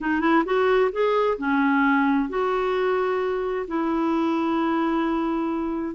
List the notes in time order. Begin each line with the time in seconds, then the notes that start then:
0.00 D#4
0.20 E4
0.45 F#4
0.92 G#4
1.37 C#4
2.29 F#4
3.67 E4